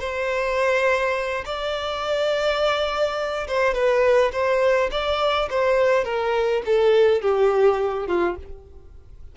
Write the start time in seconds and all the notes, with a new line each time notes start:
0.00 C5
1.45 D5
3.48 C5
3.74 B4
4.32 C5
4.91 D5
5.50 C5
6.04 A#4
6.66 A4
7.21 G4
8.07 F4